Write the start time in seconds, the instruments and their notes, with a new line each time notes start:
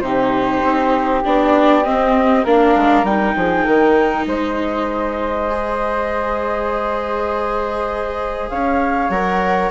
0.00 bassoon C3, viola D#4, flute G4 C5
0.63 bassoon C4
1.24 bassoon B3, viola D4, flute D5
1.84 viola C4, bassoon C4, flute D#5
2.44 bassoon A#3, viola D4, flute A#4 F5
2.75 bassoon G#3
3.03 bassoon G3, viola D#4, flute G5
3.36 bassoon F3, flute G#4
3.64 bassoon D#3, flute A#4
4.26 bassoon G#3, flute C5 D#5
5.50 viola G#4
8.49 bassoon C#4, flute C#5 F5
9.09 bassoon F#3, viola A#4, flute F#5